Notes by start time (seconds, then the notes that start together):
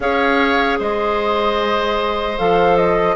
0.00 C#4 G#4 C#5 F5
0.78 G#3 C5 D#5
2.38 F3 A4 F5
2.76 D#5